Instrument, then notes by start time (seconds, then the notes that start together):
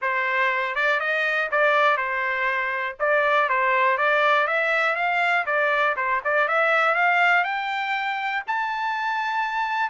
trumpet
0.01 C5
0.75 D5
0.99 D#5
1.51 D5
1.97 C5
2.99 D5
3.49 C5
3.97 D5
4.47 E5
4.95 F5
5.46 D5
5.96 C5
6.24 D5
6.48 E5
6.94 F5
7.44 G5
8.47 A5